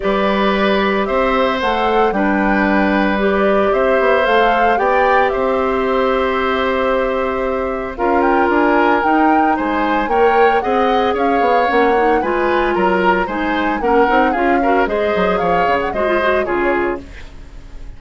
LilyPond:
<<
  \new Staff \with { instrumentName = "flute" } { \time 4/4 \tempo 4 = 113 d''2 e''4 fis''4 | g''2 d''4 e''4 | f''4 g''4 e''2~ | e''2. f''8 g''8 |
gis''4 g''4 gis''4 g''4 | fis''4 f''4 fis''4 gis''4 | ais''4 gis''4 fis''4 f''4 | dis''4 f''8. fis''16 dis''4 cis''4 | }
  \new Staff \with { instrumentName = "oboe" } { \time 4/4 b'2 c''2 | b'2. c''4~ | c''4 d''4 c''2~ | c''2. ais'4~ |
ais'2 c''4 cis''4 | dis''4 cis''2 b'4 | ais'4 c''4 ais'4 gis'8 ais'8 | c''4 cis''4 c''4 gis'4 | }
  \new Staff \with { instrumentName = "clarinet" } { \time 4/4 g'2. a'4 | d'2 g'2 | a'4 g'2.~ | g'2. f'4~ |
f'4 dis'2 ais'4 | gis'2 cis'8 dis'8 f'4~ | f'4 dis'4 cis'8 dis'8 f'8 fis'8 | gis'2 fis'16 f'16 fis'8 f'4 | }
  \new Staff \with { instrumentName = "bassoon" } { \time 4/4 g2 c'4 a4 | g2. c'8 b8 | a4 b4 c'2~ | c'2. cis'4 |
d'4 dis'4 gis4 ais4 | c'4 cis'8 b8 ais4 gis4 | fis4 gis4 ais8 c'8 cis'4 | gis8 fis8 f8 cis8 gis4 cis4 | }
>>